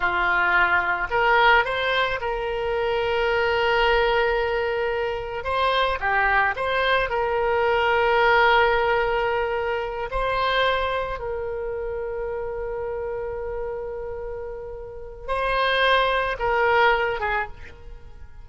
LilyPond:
\new Staff \with { instrumentName = "oboe" } { \time 4/4 \tempo 4 = 110 f'2 ais'4 c''4 | ais'1~ | ais'2 c''4 g'4 | c''4 ais'2.~ |
ais'2~ ais'8 c''4.~ | c''8 ais'2.~ ais'8~ | ais'1 | c''2 ais'4. gis'8 | }